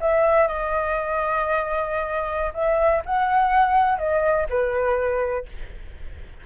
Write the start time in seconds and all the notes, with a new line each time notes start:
0.00 E5
0.47 D#5
2.54 E5
3.05 F#5
3.98 D#5
4.49 B4